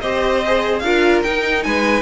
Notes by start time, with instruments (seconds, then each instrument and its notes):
0.00 cello C4, viola G4, violin C5 D#5
0.46 viola G#4
0.79 cello D4, viola F4, violin A#4 F5
1.22 viola D#4, cello D#4, violin G5
1.63 cello G#3, violin B4 G#5